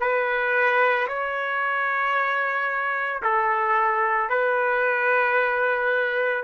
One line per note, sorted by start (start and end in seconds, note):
0.00 1.07 B4
1.08 3.22 C#5
3.22 4.29 A4
4.29 6.43 B4